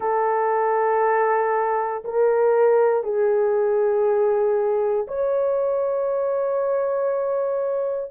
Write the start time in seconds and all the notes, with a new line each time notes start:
0.00 A4
2.04 A#4
3.03 G#4
5.07 C#5